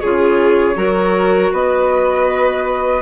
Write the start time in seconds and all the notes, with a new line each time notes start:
0.00 C#3 F4 G#4 C#5
0.75 F#3 F#4 A#4
1.52 B3 B4 D#5